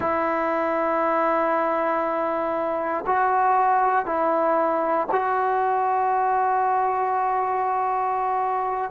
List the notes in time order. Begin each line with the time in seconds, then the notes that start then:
0.00 E4
3.06 F#4
4.05 E4
5.11 F#4